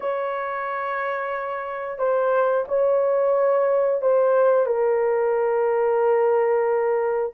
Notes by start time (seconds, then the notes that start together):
0.00 C#5
1.98 C5
2.68 C#5
4.01 C5
4.65 A#4